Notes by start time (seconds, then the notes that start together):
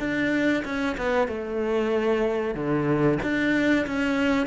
0.00 D4
0.65 C#4
0.98 B3
1.28 A3
2.55 D3
3.23 D4
3.87 C#4